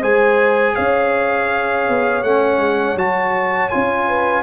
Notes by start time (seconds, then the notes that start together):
0.00 G#3 G#4 C5 G#5
0.75 C#4 C#5 F5
1.89 B3
2.23 A3 C#4 F#5
2.58 G#3
2.96 F#3 F#4 A5
3.69 C#4 F4 G#5
4.08 B4